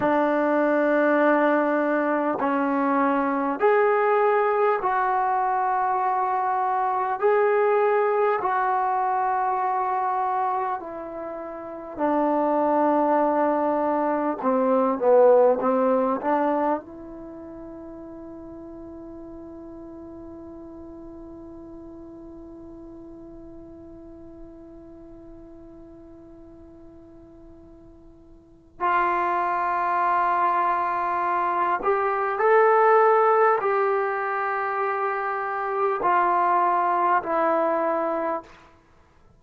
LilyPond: \new Staff \with { instrumentName = "trombone" } { \time 4/4 \tempo 4 = 50 d'2 cis'4 gis'4 | fis'2 gis'4 fis'4~ | fis'4 e'4 d'2 | c'8 b8 c'8 d'8 e'2~ |
e'1~ | e'1 | f'2~ f'8 g'8 a'4 | g'2 f'4 e'4 | }